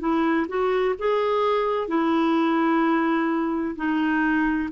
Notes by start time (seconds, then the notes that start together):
0.00 E4
0.49 F#4
0.99 G#4
1.88 E4
3.76 D#4